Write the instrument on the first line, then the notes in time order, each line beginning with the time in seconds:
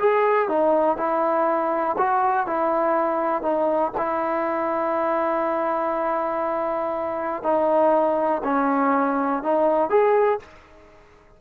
trombone
0.00 G#4
0.49 D#4
0.97 E4
1.98 F#4
2.47 E4
3.43 D#4
3.98 E4
7.43 D#4
8.44 C#4
9.43 D#4
9.90 G#4